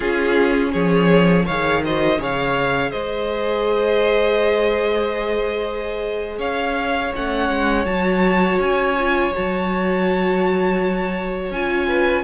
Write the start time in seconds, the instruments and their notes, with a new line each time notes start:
0.00 cello C#4, viola C#4, violin F4 G#4
0.72 cello F3, violin G#4 C#5
1.45 cello D#3, viola G#4, violin C#5 F5
1.84 viola F#4, violin C5 D#5
2.18 cello C#3, viola G#4, violin C#5 F5
2.91 cello G#3, violin C5 D#5
6.38 cello C#4, violin C#5 F5
7.15 cello A3, viola C#4, violin F#5
7.49 cello G#3
7.85 cello F#3, viola F#4, violin A5
8.58 cello C#4, violin G#5
8.98 viola F4
9.33 cello F#3, viola F#4, violin A5
11.50 cello C#4, viola F4, violin G#5
11.87 violin B4